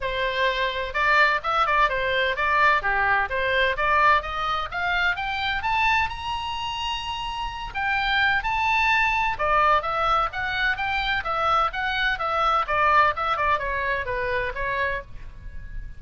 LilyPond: \new Staff \with { instrumentName = "oboe" } { \time 4/4 \tempo 4 = 128 c''2 d''4 e''8 d''8 | c''4 d''4 g'4 c''4 | d''4 dis''4 f''4 g''4 | a''4 ais''2.~ |
ais''8 g''4. a''2 | d''4 e''4 fis''4 g''4 | e''4 fis''4 e''4 d''4 | e''8 d''8 cis''4 b'4 cis''4 | }